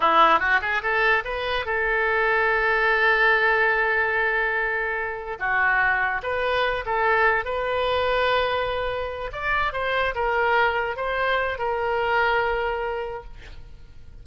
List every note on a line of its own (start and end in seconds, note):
0.00 0.39 E4
0.39 0.60 F#4
0.61 0.82 G#4
0.82 1.23 A4
1.24 1.65 B4
1.65 5.38 A4
5.39 6.21 F#4
6.22 6.84 B4
6.85 7.44 A4
7.44 9.31 B4
9.32 9.72 D5
9.72 10.14 C5
10.14 10.96 A#4
10.96 11.58 C5
11.58 13.23 A#4